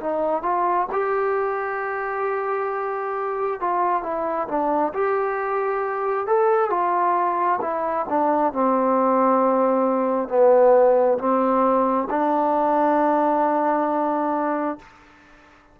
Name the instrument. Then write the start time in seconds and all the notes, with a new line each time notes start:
trombone
0.00 D#4
0.42 F4
0.92 G4
3.60 F4
4.03 E4
4.48 D4
4.94 G4
6.27 A4
6.70 F4
7.61 E4
8.09 D4
8.53 C4
10.28 B3
11.18 C4
12.10 D4